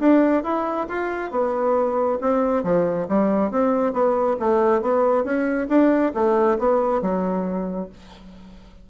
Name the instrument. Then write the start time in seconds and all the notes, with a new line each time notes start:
bassoon
0.00 D4
0.44 E4
0.89 F4
1.31 B3
2.21 C4
2.64 F3
3.09 G3
3.52 C4
3.93 B3
4.40 A3
4.82 B3
5.25 C#4
5.69 D4
6.15 A3
6.59 B3
7.02 F#3